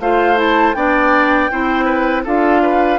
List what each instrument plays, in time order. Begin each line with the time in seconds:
0.00 bassoon A3, clarinet F4, oboe C5, flute F5
0.36 clarinet E4, flute A5
0.74 bassoon B3, clarinet D4, oboe D5, flute G5
1.51 bassoon C4, clarinet E4, oboe C5
1.85 oboe B4
2.25 bassoon D4, clarinet F4, oboe A4, flute F5
2.62 oboe B4